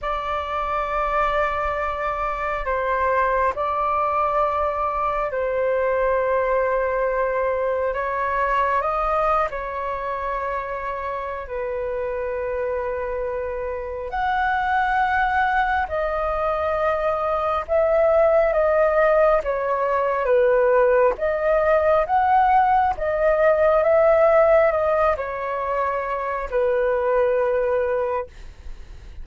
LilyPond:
\new Staff \with { instrumentName = "flute" } { \time 4/4 \tempo 4 = 68 d''2. c''4 | d''2 c''2~ | c''4 cis''4 dis''8. cis''4~ cis''16~ | cis''4 b'2. |
fis''2 dis''2 | e''4 dis''4 cis''4 b'4 | dis''4 fis''4 dis''4 e''4 | dis''8 cis''4. b'2 | }